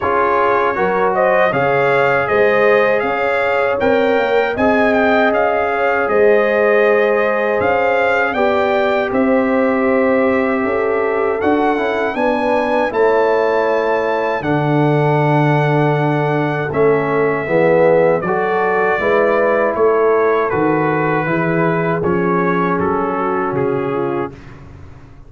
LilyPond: <<
  \new Staff \with { instrumentName = "trumpet" } { \time 4/4 \tempo 4 = 79 cis''4. dis''8 f''4 dis''4 | f''4 g''4 gis''8 g''8 f''4 | dis''2 f''4 g''4 | e''2. fis''4 |
gis''4 a''2 fis''4~ | fis''2 e''2 | d''2 cis''4 b'4~ | b'4 cis''4 a'4 gis'4 | }
  \new Staff \with { instrumentName = "horn" } { \time 4/4 gis'4 ais'8 c''8 cis''4 c''4 | cis''2 dis''4. cis''8 | c''2. d''4 | c''2 a'2 |
b'4 cis''2 a'4~ | a'2. gis'4 | a'4 b'4 a'2 | gis'2~ gis'8 fis'4 f'8 | }
  \new Staff \with { instrumentName = "trombone" } { \time 4/4 f'4 fis'4 gis'2~ | gis'4 ais'4 gis'2~ | gis'2. g'4~ | g'2. fis'8 e'8 |
d'4 e'2 d'4~ | d'2 cis'4 b4 | fis'4 e'2 fis'4 | e'4 cis'2. | }
  \new Staff \with { instrumentName = "tuba" } { \time 4/4 cis'4 fis4 cis4 gis4 | cis'4 c'8 ais8 c'4 cis'4 | gis2 cis'4 b4 | c'2 cis'4 d'8 cis'8 |
b4 a2 d4~ | d2 a4 e4 | fis4 gis4 a4 dis4 | e4 f4 fis4 cis4 | }
>>